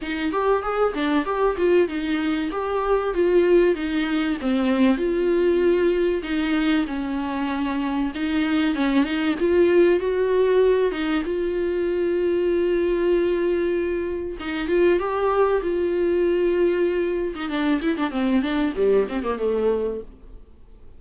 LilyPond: \new Staff \with { instrumentName = "viola" } { \time 4/4 \tempo 4 = 96 dis'8 g'8 gis'8 d'8 g'8 f'8 dis'4 | g'4 f'4 dis'4 c'4 | f'2 dis'4 cis'4~ | cis'4 dis'4 cis'8 dis'8 f'4 |
fis'4. dis'8 f'2~ | f'2. dis'8 f'8 | g'4 f'2~ f'8. dis'16 | d'8 e'16 d'16 c'8 d'8 g8 c'16 ais16 a4 | }